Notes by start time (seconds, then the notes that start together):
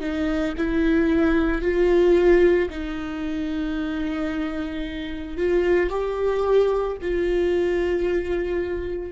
0.00 D#4
0.57 E4
1.62 F4
2.70 D#4
5.37 F4
5.90 G4
7.01 F4